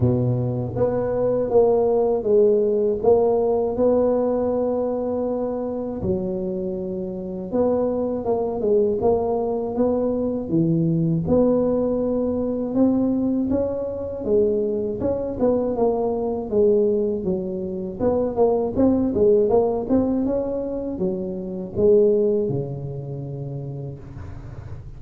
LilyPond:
\new Staff \with { instrumentName = "tuba" } { \time 4/4 \tempo 4 = 80 b,4 b4 ais4 gis4 | ais4 b2. | fis2 b4 ais8 gis8 | ais4 b4 e4 b4~ |
b4 c'4 cis'4 gis4 | cis'8 b8 ais4 gis4 fis4 | b8 ais8 c'8 gis8 ais8 c'8 cis'4 | fis4 gis4 cis2 | }